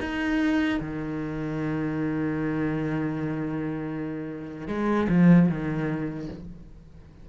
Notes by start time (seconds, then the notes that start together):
0.00 D#4
0.81 D#3
4.68 G#3
5.09 F3
5.49 D#3